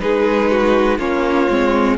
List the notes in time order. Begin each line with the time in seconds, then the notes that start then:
0.00 G#3 D#4 G#4 B4
0.51 F#4
0.99 A#3 C#4 F4 C#5
1.50 G#3 C4